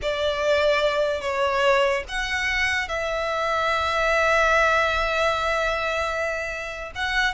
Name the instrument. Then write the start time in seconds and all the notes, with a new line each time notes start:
violin
0.02 D5
1.21 C#5
2.08 F#5
2.88 E5
6.95 F#5